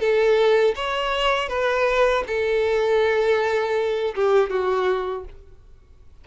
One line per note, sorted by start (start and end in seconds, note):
0.00 0.75 A4
0.76 1.49 C#5
1.49 2.24 B4
2.27 4.15 A4
4.15 4.50 G4
4.50 5.25 F#4